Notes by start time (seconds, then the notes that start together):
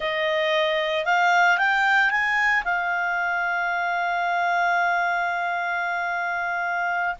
0.00 D#5
1.05 F5
1.58 G5
2.10 G#5
2.64 F5